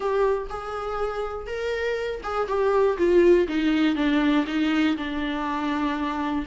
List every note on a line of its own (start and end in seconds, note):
0.00 0.48 G4
0.49 1.46 G#4
1.46 2.21 A#4
2.23 2.47 G#4
2.47 2.97 G4
2.97 3.47 F4
3.48 3.95 D#4
3.95 4.45 D4
4.47 4.96 D#4
4.97 6.45 D4